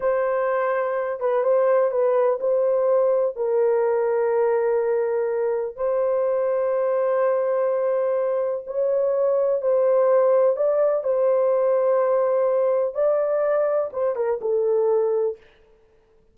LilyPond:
\new Staff \with { instrumentName = "horn" } { \time 4/4 \tempo 4 = 125 c''2~ c''8 b'8 c''4 | b'4 c''2 ais'4~ | ais'1 | c''1~ |
c''2 cis''2 | c''2 d''4 c''4~ | c''2. d''4~ | d''4 c''8 ais'8 a'2 | }